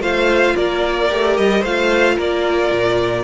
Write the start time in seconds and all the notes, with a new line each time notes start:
0.00 A3 F4 C5 F5
0.56 A#3 A#4 D5
1.09 A3 G4
1.37 G3 D#5
1.61 A3 F4 C5 F5
2.17 A#3 A#4 D5
2.71 A#2